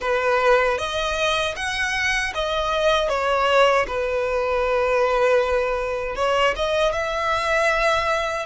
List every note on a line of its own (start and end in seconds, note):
0.00 0.77 B4
0.77 1.54 D#5
1.56 2.33 F#5
2.34 3.08 D#5
3.08 3.85 C#5
3.87 6.15 B4
6.15 6.54 C#5
6.56 6.92 D#5
6.92 8.46 E5